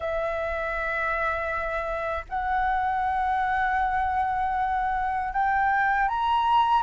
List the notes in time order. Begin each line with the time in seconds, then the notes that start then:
0.00 E5
2.29 F#5
5.33 G5
6.08 A#5